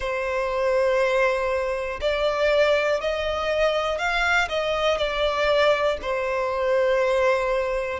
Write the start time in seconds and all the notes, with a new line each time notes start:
0.00 C5
2.00 D5
3.00 D#5
3.98 F5
4.49 D#5
4.97 D5
6.01 C5